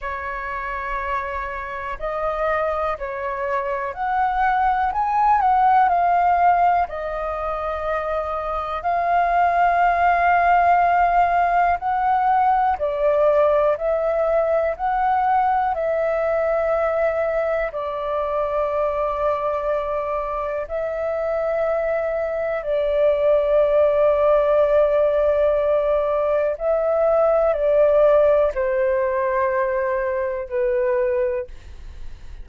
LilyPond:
\new Staff \with { instrumentName = "flute" } { \time 4/4 \tempo 4 = 61 cis''2 dis''4 cis''4 | fis''4 gis''8 fis''8 f''4 dis''4~ | dis''4 f''2. | fis''4 d''4 e''4 fis''4 |
e''2 d''2~ | d''4 e''2 d''4~ | d''2. e''4 | d''4 c''2 b'4 | }